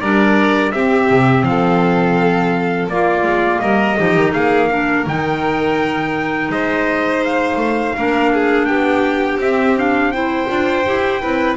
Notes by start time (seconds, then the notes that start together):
0.00 G3 D4 A#4 D5
0.72 C4 G4 E5
1.11 C3
1.43 F3 F5
1.49 A4
2.88 A#3 F4 D5
3.23 G#3
3.59 G3 A#4 D#5
3.97 F3 D#4 G4
4.16 D#3
4.33 A#3 G#4 F5
4.70 D4 A#4
5.06 D#3 D#4 G5
6.49 G#3 C5 D#5
7.24 F5
7.56 A3
7.96 A#3 D4 A#4
8.33 G#4
8.65 B3 G4 G5
9.37 C4 E5
9.77 D4 F5
10.12 E4 C5 G5
10.47 D4 F4
10.85 E4 G4
11.21 C4 E4 B4